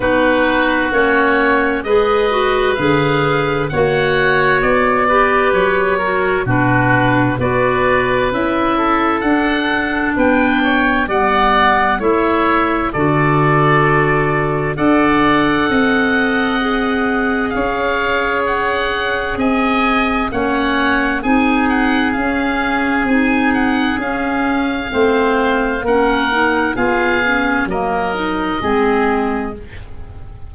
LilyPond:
<<
  \new Staff \with { instrumentName = "oboe" } { \time 4/4 \tempo 4 = 65 b'4 cis''4 dis''4 f''4 | fis''4 d''4 cis''4 b'4 | d''4 e''4 fis''4 g''4 | fis''4 e''4 d''2 |
fis''2. f''4 | fis''4 gis''4 fis''4 gis''8 fis''8 | f''4 gis''8 fis''8 f''2 | fis''4 f''4 dis''2 | }
  \new Staff \with { instrumentName = "oboe" } { \time 4/4 fis'2 b'2 | cis''4. b'4 ais'8 fis'4 | b'4. a'4. b'8 cis''8 | d''4 cis''4 a'2 |
d''4 dis''2 cis''4~ | cis''4 dis''4 cis''4 gis'4~ | gis'2. c''4 | ais'4 gis'4 ais'4 gis'4 | }
  \new Staff \with { instrumentName = "clarinet" } { \time 4/4 dis'4 cis'4 gis'8 fis'8 gis'4 | fis'4. g'4 fis'8 d'4 | fis'4 e'4 d'2 | b4 e'4 fis'2 |
a'2 gis'2~ | gis'2 cis'4 dis'4 | cis'4 dis'4 cis'4 c'4 | cis'8 dis'8 f'8 cis'8 ais8 dis'8 c'4 | }
  \new Staff \with { instrumentName = "tuba" } { \time 4/4 b4 ais4 gis4 d4 | ais4 b4 fis4 b,4 | b4 cis'4 d'4 b4 | g4 a4 d2 |
d'4 c'2 cis'4~ | cis'4 c'4 ais4 c'4 | cis'4 c'4 cis'4 a4 | ais4 b4 fis4 gis4 | }
>>